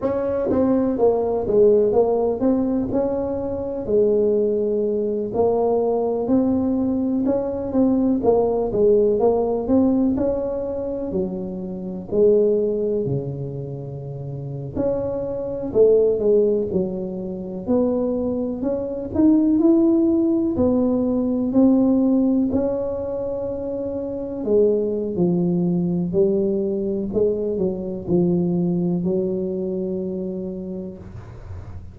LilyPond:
\new Staff \with { instrumentName = "tuba" } { \time 4/4 \tempo 4 = 62 cis'8 c'8 ais8 gis8 ais8 c'8 cis'4 | gis4. ais4 c'4 cis'8 | c'8 ais8 gis8 ais8 c'8 cis'4 fis8~ | fis8 gis4 cis4.~ cis16 cis'8.~ |
cis'16 a8 gis8 fis4 b4 cis'8 dis'16~ | dis'16 e'4 b4 c'4 cis'8.~ | cis'4~ cis'16 gis8. f4 g4 | gis8 fis8 f4 fis2 | }